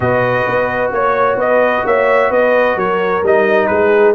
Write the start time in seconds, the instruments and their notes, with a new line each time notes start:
0.00 tuba B2, trombone F#4, horn B4, trumpet D#5
0.46 tuba B3
0.91 tuba A#3, horn C#5, trumpet C#5
1.35 tuba B3, horn B4, trumpet D#5
1.85 tuba A#3, horn C#5, trumpet E5
2.30 tuba B3, horn B4, trumpet D#5
2.76 tuba F#3, horn A#4, trumpet C#5
3.22 tuba G3, trombone D#4, trumpet D#5
3.66 tuba G#3, horn G#4, trumpet B4